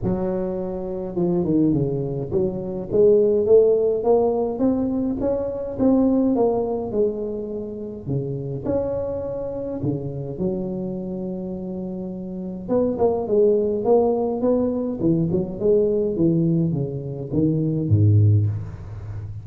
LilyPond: \new Staff \with { instrumentName = "tuba" } { \time 4/4 \tempo 4 = 104 fis2 f8 dis8 cis4 | fis4 gis4 a4 ais4 | c'4 cis'4 c'4 ais4 | gis2 cis4 cis'4~ |
cis'4 cis4 fis2~ | fis2 b8 ais8 gis4 | ais4 b4 e8 fis8 gis4 | e4 cis4 dis4 gis,4 | }